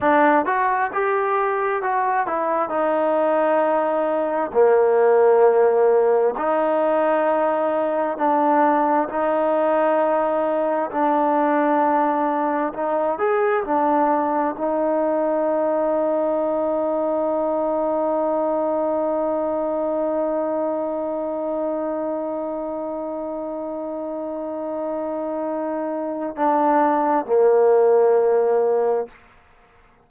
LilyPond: \new Staff \with { instrumentName = "trombone" } { \time 4/4 \tempo 4 = 66 d'8 fis'8 g'4 fis'8 e'8 dis'4~ | dis'4 ais2 dis'4~ | dis'4 d'4 dis'2 | d'2 dis'8 gis'8 d'4 |
dis'1~ | dis'1~ | dis'1~ | dis'4 d'4 ais2 | }